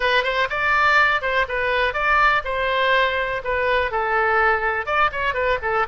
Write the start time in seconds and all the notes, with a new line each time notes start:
0.00 B4
0.23 C5
0.49 D5
1.21 C5
1.48 B4
1.93 D5
2.44 C5
3.44 B4
3.91 A4
4.86 D5
5.12 C#5
5.34 B4
5.62 A4